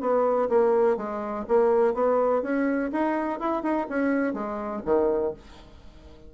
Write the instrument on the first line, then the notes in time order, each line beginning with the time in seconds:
bassoon
0.00 B3
0.49 A#3
0.97 G#3
1.48 A#3
1.94 B3
2.42 C#4
2.92 D#4
3.39 E4
3.62 D#4
3.89 C#4
4.33 G#3
4.85 D#3